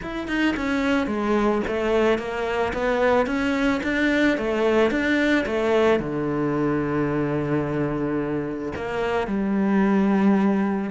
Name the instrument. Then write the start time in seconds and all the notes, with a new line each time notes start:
cello
0.01 E4
0.27 D#4
0.56 C#4
1.06 G#3
1.67 A3
2.18 A#3
2.73 B3
3.26 C#4
3.83 D4
4.37 A3
4.90 D4
5.45 A3
5.99 D3
8.75 A#3
9.27 G3